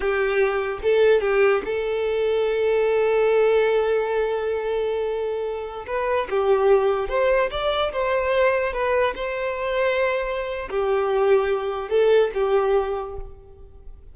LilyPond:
\new Staff \with { instrumentName = "violin" } { \time 4/4 \tempo 4 = 146 g'2 a'4 g'4 | a'1~ | a'1~ | a'2~ a'16 b'4 g'8.~ |
g'4~ g'16 c''4 d''4 c''8.~ | c''4~ c''16 b'4 c''4.~ c''16~ | c''2 g'2~ | g'4 a'4 g'2 | }